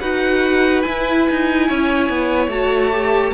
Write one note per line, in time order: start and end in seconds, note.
0.00 0.85 D#4
0.00 0.84 F#4
0.00 1.67 B4
0.00 0.82 F#5
0.82 2.51 E4
0.82 1.29 E4
0.82 2.49 G#5
1.30 1.70 D#4
1.68 2.09 C#4
1.68 3.34 C#5
2.09 2.48 B3
2.48 3.32 A3
2.48 2.92 F#4
2.48 3.34 A5
2.92 3.34 G4